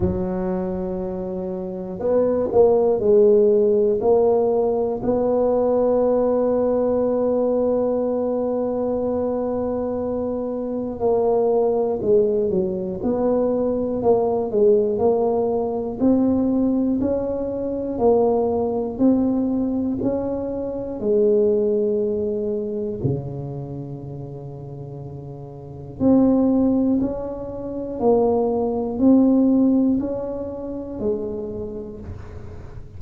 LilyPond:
\new Staff \with { instrumentName = "tuba" } { \time 4/4 \tempo 4 = 60 fis2 b8 ais8 gis4 | ais4 b2.~ | b2. ais4 | gis8 fis8 b4 ais8 gis8 ais4 |
c'4 cis'4 ais4 c'4 | cis'4 gis2 cis4~ | cis2 c'4 cis'4 | ais4 c'4 cis'4 gis4 | }